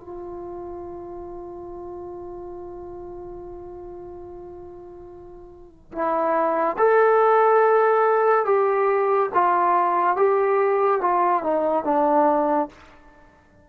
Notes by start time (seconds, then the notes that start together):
0.00 F4
5.92 E4
6.78 A4
8.45 G4
9.34 F4
10.17 G4
11.01 F4
11.44 D#4
11.84 D4